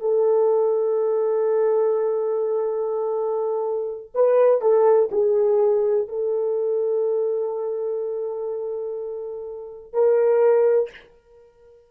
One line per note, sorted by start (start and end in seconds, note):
0.00 4.11 A4
4.14 4.61 B4
4.61 5.09 A4
5.12 6.08 G#4
6.08 9.93 A4
9.93 10.90 A#4